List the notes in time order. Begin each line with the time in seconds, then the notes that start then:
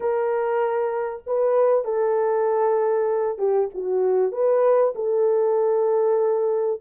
0.00 A#4
1.26 B4
1.84 A4
3.38 G4
3.74 F#4
4.32 B4
4.95 A4